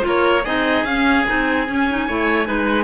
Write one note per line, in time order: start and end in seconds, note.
0.00 0.46 A#3
0.00 0.41 F4
0.06 0.43 A#4
0.06 0.44 C#5
0.43 0.84 C4
0.43 0.86 D#4
0.43 2.05 G#4
0.43 0.84 D#5
0.84 1.24 C#4
0.84 1.26 C#4
0.84 1.25 F5
1.26 1.68 C4
1.26 1.67 D#4
1.26 2.84 G#5
1.68 1.88 C#4
1.68 2.08 C#4
1.89 2.08 D#4
2.07 2.48 A3
2.07 2.44 E4
2.07 2.47 C#5
2.44 2.84 G#3
2.44 2.84 D#4
2.44 2.84 B4